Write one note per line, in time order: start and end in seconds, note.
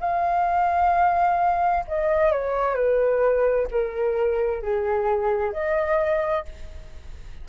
0.00 1.85 F5
1.88 2.31 D#5
2.31 2.75 C#5
2.75 3.67 B4
3.71 4.62 A#4
4.62 5.53 G#4
5.53 6.45 D#5